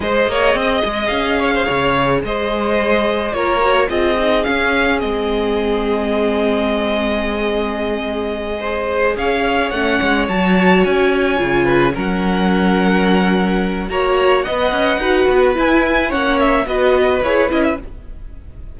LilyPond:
<<
  \new Staff \with { instrumentName = "violin" } { \time 4/4 \tempo 4 = 108 dis''2 f''2 | dis''2 cis''4 dis''4 | f''4 dis''2.~ | dis''1~ |
dis''8 f''4 fis''4 a''4 gis''8~ | gis''4. fis''2~ fis''8~ | fis''4 ais''4 fis''2 | gis''4 fis''8 e''8 dis''4 cis''8 dis''16 e''16 | }
  \new Staff \with { instrumentName = "violin" } { \time 4/4 c''8 cis''8 dis''4. cis''16 c''16 cis''4 | c''2 ais'4 gis'4~ | gis'1~ | gis'2.~ gis'8 c''8~ |
c''8 cis''2.~ cis''8~ | cis''4 b'8 ais'2~ ais'8~ | ais'4 cis''4 dis''4 b'4~ | b'4 cis''4 b'2 | }
  \new Staff \with { instrumentName = "viola" } { \time 4/4 gis'1~ | gis'2 f'8 fis'8 f'8 dis'8 | cis'4 c'2.~ | c'2.~ c'8 gis'8~ |
gis'4. cis'4 fis'4.~ | fis'8 f'4 cis'2~ cis'8~ | cis'4 fis'4 b'4 fis'4 | e'4 cis'4 fis'4 gis'8 e'8 | }
  \new Staff \with { instrumentName = "cello" } { \time 4/4 gis8 ais8 c'8 gis8 cis'4 cis4 | gis2 ais4 c'4 | cis'4 gis2.~ | gis1~ |
gis8 cis'4 a8 gis8 fis4 cis'8~ | cis'8 cis4 fis2~ fis8~ | fis4 ais4 b8 cis'8 dis'8 b8 | e'4 ais4 b4 e'8 cis'8 | }
>>